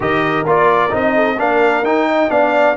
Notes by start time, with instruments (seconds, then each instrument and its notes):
0.00 tuba D#3, trombone G4, horn A#4, trumpet D#5
0.45 tuba A#3, trombone F4, trumpet D5
0.89 tuba C4, trombone D#4, trumpet D#5
1.14 horn A4
1.37 tuba A#3, trombone D4, horn A#4, trumpet F5
1.82 tuba D#4, trombone D#4, trumpet G5
2.08 horn D#5
2.28 tuba B3, trombone D4, horn D5, trumpet F5